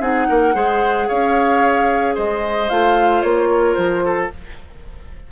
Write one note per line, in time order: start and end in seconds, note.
0.00 0.27 C4
0.00 0.53 D#4
0.00 0.27 G#4
0.00 1.08 F#5
0.29 0.54 A#3
0.29 0.54 A#4
0.53 1.08 G#3
0.53 2.67 G#4
0.53 1.08 C5
1.08 2.17 C#4
1.08 2.14 C#5
1.08 2.15 F5
2.14 2.70 G#3
2.14 3.48 C5
2.14 2.69 D#5
2.69 3.23 A3
2.69 4.31 F4
2.69 3.22 F5
3.22 3.76 A#3
3.22 3.74 C#5
3.51 4.04 A#4
3.74 4.31 F3
3.74 4.28 C5
4.05 4.31 A4